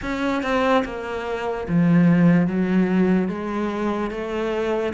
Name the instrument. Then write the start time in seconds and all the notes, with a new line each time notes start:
cello
0.02 C#4
0.43 C4
0.84 A#3
1.68 F3
2.47 F#3
3.28 G#3
4.11 A3